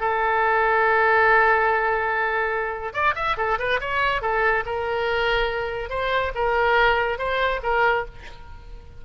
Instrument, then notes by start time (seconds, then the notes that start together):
oboe
0.00 A4
2.93 D5
3.15 E5
3.37 A4
3.59 B4
3.80 C#5
4.22 A4
4.66 A#4
5.90 C5
6.35 A#4
7.18 C5
7.63 A#4